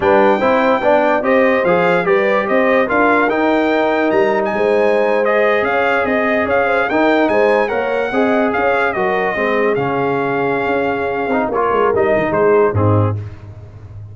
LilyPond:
<<
  \new Staff \with { instrumentName = "trumpet" } { \time 4/4 \tempo 4 = 146 g''2. dis''4 | f''4 d''4 dis''4 f''4 | g''2 ais''8. gis''4~ gis''16~ | gis''8. dis''4 f''4 dis''4 f''16~ |
f''8. g''4 gis''4 fis''4~ fis''16~ | fis''8. f''4 dis''2 f''16~ | f''1 | cis''4 dis''4 c''4 gis'4 | }
  \new Staff \with { instrumentName = "horn" } { \time 4/4 b'4 c''4 d''4 c''4~ | c''4 b'4 c''4 ais'4~ | ais'2. c''4~ | c''4.~ c''16 cis''4 dis''4 cis''16~ |
cis''16 c''8 ais'4 c''4 cis''4 dis''16~ | dis''8. cis''4 ais'4 gis'4~ gis'16~ | gis'1 | ais'2 gis'4 dis'4 | }
  \new Staff \with { instrumentName = "trombone" } { \time 4/4 d'4 e'4 d'4 g'4 | gis'4 g'2 f'4 | dis'1~ | dis'8. gis'2.~ gis'16~ |
gis'8. dis'2 ais'4 gis'16~ | gis'4.~ gis'16 fis'4 c'4 cis'16~ | cis'2.~ cis'8 dis'8 | f'4 dis'2 c'4 | }
  \new Staff \with { instrumentName = "tuba" } { \time 4/4 g4 c'4 b4 c'4 | f4 g4 c'4 d'4 | dis'2 g4 gis4~ | gis4.~ gis16 cis'4 c'4 cis'16~ |
cis'8. dis'4 gis4 ais4 c'16~ | c'8. cis'4 fis4 gis4 cis16~ | cis2 cis'4. c'8 | ais8 gis8 g8 dis8 gis4 gis,4 | }
>>